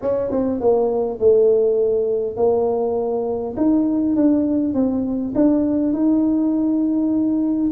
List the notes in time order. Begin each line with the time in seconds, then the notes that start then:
0.01 C#4
0.30 C4
0.60 A#3
1.19 A3
2.36 A#3
3.56 D#4
4.16 D4
4.74 C4
5.35 D4
5.93 D#4